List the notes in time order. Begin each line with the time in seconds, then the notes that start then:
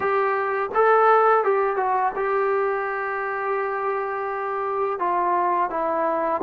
0.00 G4
0.74 A4
1.44 G4
1.76 F#4
2.15 G4
4.99 F4
5.69 E4